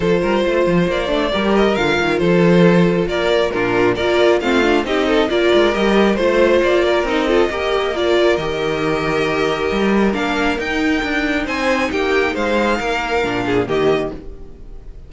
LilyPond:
<<
  \new Staff \with { instrumentName = "violin" } { \time 4/4 \tempo 4 = 136 c''2 d''4. dis''8 | f''4 c''2 d''4 | ais'4 d''4 f''4 dis''4 | d''4 dis''4 c''4 d''4 |
dis''2 d''4 dis''4~ | dis''2. f''4 | g''2 gis''4 g''4 | f''2. dis''4 | }
  \new Staff \with { instrumentName = "violin" } { \time 4/4 a'8 ais'8 c''2 ais'4~ | ais'4 a'2 ais'4 | f'4 ais'4 f'4 g'8 a'8 | ais'2 c''4. ais'8~ |
ais'8 a'8 ais'2.~ | ais'1~ | ais'2 c''4 g'4 | c''4 ais'4. gis'8 g'4 | }
  \new Staff \with { instrumentName = "viola" } { \time 4/4 f'2~ f'8 d'8 g'4 | f'1 | d'4 f'4 c'8 d'8 dis'4 | f'4 g'4 f'2 |
dis'8 f'8 g'4 f'4 g'4~ | g'2. d'4 | dis'1~ | dis'2 d'4 ais4 | }
  \new Staff \with { instrumentName = "cello" } { \time 4/4 f8 g8 a8 f8 ais8 a8 g4 | d8 dis8 f2 ais4 | ais,4 ais4 a4 c'4 | ais8 gis8 g4 a4 ais4 |
c'4 ais2 dis4~ | dis2 g4 ais4 | dis'4 d'4 c'4 ais4 | gis4 ais4 ais,4 dis4 | }
>>